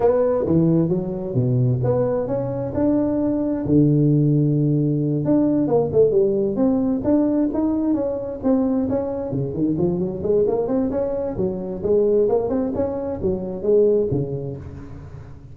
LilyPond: \new Staff \with { instrumentName = "tuba" } { \time 4/4 \tempo 4 = 132 b4 e4 fis4 b,4 | b4 cis'4 d'2 | d2.~ d8 d'8~ | d'8 ais8 a8 g4 c'4 d'8~ |
d'8 dis'4 cis'4 c'4 cis'8~ | cis'8 cis8 dis8 f8 fis8 gis8 ais8 c'8 | cis'4 fis4 gis4 ais8 c'8 | cis'4 fis4 gis4 cis4 | }